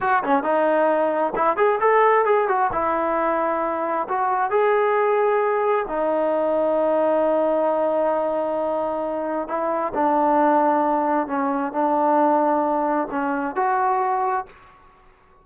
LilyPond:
\new Staff \with { instrumentName = "trombone" } { \time 4/4 \tempo 4 = 133 fis'8 cis'8 dis'2 e'8 gis'8 | a'4 gis'8 fis'8 e'2~ | e'4 fis'4 gis'2~ | gis'4 dis'2.~ |
dis'1~ | dis'4 e'4 d'2~ | d'4 cis'4 d'2~ | d'4 cis'4 fis'2 | }